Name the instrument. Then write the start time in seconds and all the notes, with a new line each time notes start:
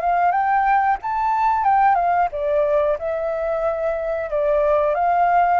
flute
0.00 F5
0.31 G5
1.02 A5
1.64 G5
1.95 F5
2.31 D5
2.98 E5
4.30 D5
4.94 F5